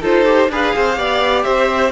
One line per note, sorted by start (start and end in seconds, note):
0.00 0.49 D#4
0.00 0.25 F4
0.00 0.48 A4
0.00 0.51 C5
0.25 0.49 G4
0.49 0.73 D4
0.49 0.96 G#4
0.49 0.75 B4
0.49 1.43 F5
0.75 0.97 C4
0.75 0.98 C5
0.96 1.44 B3
0.96 1.91 G4
0.96 1.44 D5
1.43 1.92 C4
1.43 1.92 C5
1.43 1.90 E5